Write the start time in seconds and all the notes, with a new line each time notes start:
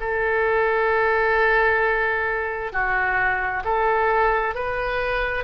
0.00 A4
2.73 F#4
3.64 A4
4.55 B4